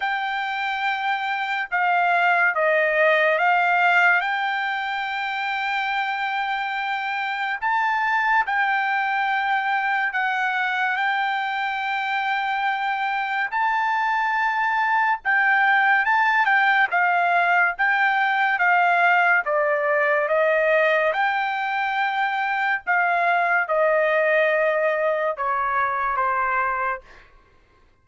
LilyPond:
\new Staff \with { instrumentName = "trumpet" } { \time 4/4 \tempo 4 = 71 g''2 f''4 dis''4 | f''4 g''2.~ | g''4 a''4 g''2 | fis''4 g''2. |
a''2 g''4 a''8 g''8 | f''4 g''4 f''4 d''4 | dis''4 g''2 f''4 | dis''2 cis''4 c''4 | }